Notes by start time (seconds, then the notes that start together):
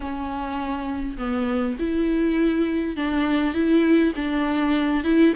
0.00 C#4
1.17 B3
1.79 E4
2.96 D4
3.53 E4
4.15 D4
5.04 E4